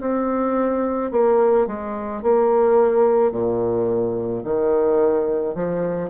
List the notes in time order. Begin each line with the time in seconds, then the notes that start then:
0.00 C4
1.11 A#3
1.67 G#3
2.22 A#3
3.31 A#2
4.43 D#3
5.55 F3